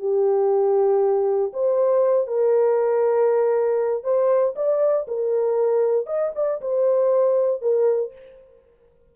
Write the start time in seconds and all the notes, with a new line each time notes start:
0.00 G4
1.54 C5
2.28 A#4
4.04 C5
4.56 D5
5.08 A#4
6.07 D#5
6.36 D5
6.62 C5
7.62 A#4